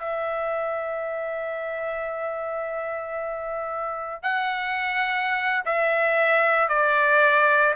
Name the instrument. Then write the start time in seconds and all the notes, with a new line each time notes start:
trumpet
0.00 E5
4.23 F#5
5.66 E5
6.69 D5